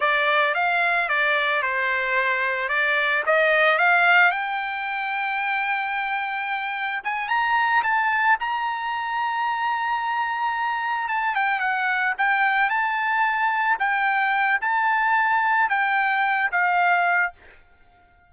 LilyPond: \new Staff \with { instrumentName = "trumpet" } { \time 4/4 \tempo 4 = 111 d''4 f''4 d''4 c''4~ | c''4 d''4 dis''4 f''4 | g''1~ | g''4 gis''8 ais''4 a''4 ais''8~ |
ais''1~ | ais''8 a''8 g''8 fis''4 g''4 a''8~ | a''4. g''4. a''4~ | a''4 g''4. f''4. | }